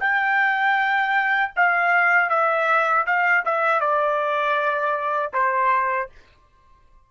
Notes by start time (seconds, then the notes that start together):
0.00 G5
1.56 F5
2.29 E5
3.06 F5
3.45 E5
3.80 D5
5.33 C5